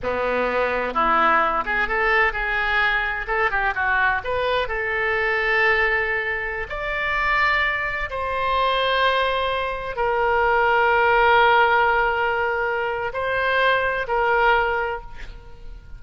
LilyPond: \new Staff \with { instrumentName = "oboe" } { \time 4/4 \tempo 4 = 128 b2 e'4. gis'8 | a'4 gis'2 a'8 g'8 | fis'4 b'4 a'2~ | a'2~ a'16 d''4.~ d''16~ |
d''4~ d''16 c''2~ c''8.~ | c''4~ c''16 ais'2~ ais'8.~ | ais'1 | c''2 ais'2 | }